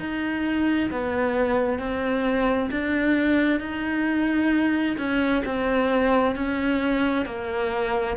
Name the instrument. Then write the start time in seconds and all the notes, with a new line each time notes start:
cello
0.00 D#4
0.91 B3
1.79 C4
2.71 D4
3.60 D#4
4.98 C#4
5.46 C4
6.36 C#4
7.26 A#3